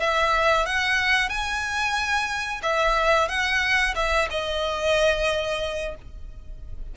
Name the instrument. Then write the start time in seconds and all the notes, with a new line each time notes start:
violin
0.00 E5
0.66 F#5
1.29 G#5
2.62 E5
3.28 F#5
3.95 E5
4.30 D#5